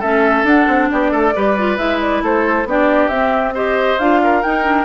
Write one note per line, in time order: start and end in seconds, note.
0.00 0.44 A3
0.00 0.46 C#4
0.00 0.88 A4
0.00 0.46 E5
0.44 0.66 D4
0.44 1.34 D4
0.44 0.90 F#5
0.68 0.90 C4
0.91 1.12 B3
0.91 1.12 G4
0.91 1.78 D5
1.12 1.34 A3
1.12 1.34 A4
1.35 1.78 G3
1.35 1.57 G4
1.35 2.23 B4
1.58 1.78 F4
1.78 2.22 G#3
1.78 2.66 E4
1.78 2.00 E5
2.01 2.23 D5
2.22 2.65 A3
2.22 2.68 A4
2.22 2.69 C5
2.65 3.08 B3
2.65 3.12 D4
2.65 3.54 G4
2.65 3.08 D5
3.08 3.97 C4
3.08 3.55 C4
3.08 3.53 E5
3.54 3.99 G4
3.54 4.20 C5
3.54 3.98 D#5
3.98 4.43 D4
3.98 4.44 F4
3.98 4.43 F5
4.23 4.85 A#4
4.43 4.63 D#4
4.43 4.85 D#4
4.43 4.85 G5
4.63 4.85 D4